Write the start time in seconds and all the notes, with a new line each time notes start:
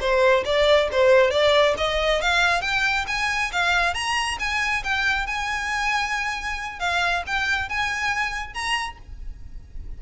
0.00 C5
0.45 D5
0.92 C5
1.31 D5
1.78 D#5
2.21 F5
2.61 G5
3.08 G#5
3.52 F5
3.94 A#5
4.39 G#5
4.84 G5
5.27 G#5
6.79 F5
7.27 G5
7.69 G#5
8.54 A#5